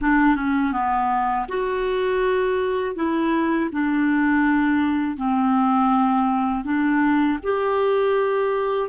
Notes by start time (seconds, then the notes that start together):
0.01 D4
0.35 C#4
0.72 B3
1.48 F#4
2.95 E4
3.72 D4
5.16 C4
6.64 D4
7.43 G4